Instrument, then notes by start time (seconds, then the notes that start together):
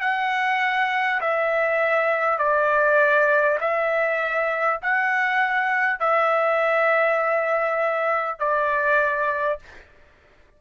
trumpet
0.00 F#5
1.21 E5
2.38 D5
3.60 E5
4.82 F#5
5.99 E5
8.39 D5